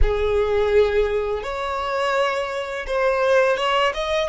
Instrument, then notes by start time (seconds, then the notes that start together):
violin
0.02 G#4
1.43 C#5
2.86 C5
3.56 C#5
3.94 D#5